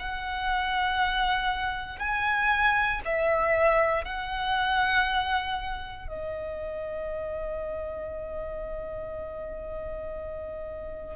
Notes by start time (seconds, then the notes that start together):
0.00 F#5
1.99 G#5
3.05 E5
4.05 F#5
6.08 D#5